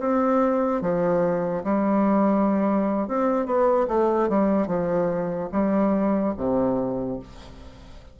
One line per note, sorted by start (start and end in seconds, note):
0.00 0.82 C4
0.82 1.64 F3
1.64 3.08 G3
3.09 3.46 C4
3.46 3.87 B3
3.89 4.30 A3
4.30 4.67 G3
4.67 5.50 F3
5.52 6.34 G3
6.38 7.20 C3